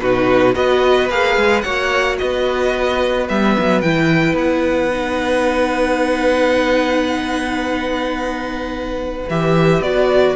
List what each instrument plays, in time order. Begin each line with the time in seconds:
0.00 cello B2, viola D#4, violin F#4 B4
0.53 cello B3, viola F#4, violin B4 D#5
1.10 cello A#3, viola G#4, violin F5
1.36 cello G#3
1.61 cello A#3, viola F#4, violin C#5 F#5
2.18 cello B3, violin B4 D#5
3.28 cello G3, viola B3, violin E5
3.59 cello F#3
3.81 cello E3, viola E4, violin G5
4.33 cello B3, violin F#5
4.90 viola D#4
9.29 cello E3, viola G4, violin E5
9.80 cello B3, viola F#4, violin D5